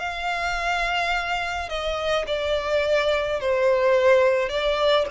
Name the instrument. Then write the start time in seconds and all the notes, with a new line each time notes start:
violin
0.00 F5
1.69 D#5
2.27 D5
3.41 C5
4.50 D5